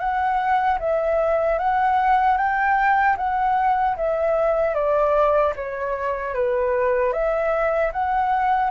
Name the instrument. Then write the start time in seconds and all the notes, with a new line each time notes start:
flute
0.00 F#5
0.80 E5
1.59 F#5
2.38 G5
3.18 F#5
3.97 E5
4.75 D5
5.56 C#5
6.35 B4
7.13 E5
7.93 F#5